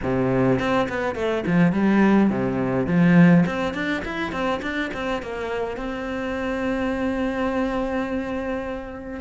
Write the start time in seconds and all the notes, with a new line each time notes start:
0.02 C3
0.59 C4
0.88 B3
1.15 A3
1.46 F3
1.72 G3
2.30 C3
2.86 F3
3.46 C4
3.73 D4
4.04 E4
4.32 C4
4.62 D4
4.93 C4
5.22 A#3
5.77 C4